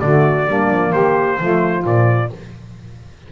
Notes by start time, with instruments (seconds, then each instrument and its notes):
0.00 double bass D3, saxophone A3 F#4, trumpet D5
0.47 double bass G3, saxophone A#3 D4
0.70 double bass F3
0.92 double bass D#3, saxophone G4, trumpet C5
1.40 double bass F3, saxophone A3 F4
1.82 double bass A#2, saxophone F3, trumpet D5